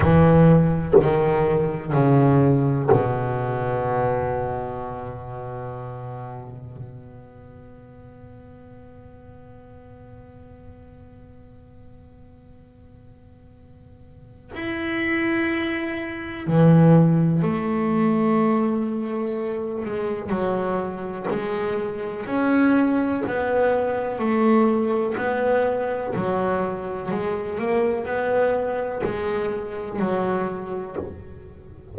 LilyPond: \new Staff \with { instrumentName = "double bass" } { \time 4/4 \tempo 4 = 62 e4 dis4 cis4 b,4~ | b,2. b4~ | b1~ | b2. e'4~ |
e'4 e4 a2~ | a8 gis8 fis4 gis4 cis'4 | b4 a4 b4 fis4 | gis8 ais8 b4 gis4 fis4 | }